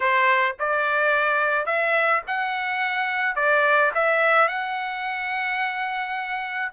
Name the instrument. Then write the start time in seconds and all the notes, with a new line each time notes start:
trumpet
0.00 C5
0.59 D5
1.65 E5
2.27 F#5
3.35 D5
3.94 E5
4.48 F#5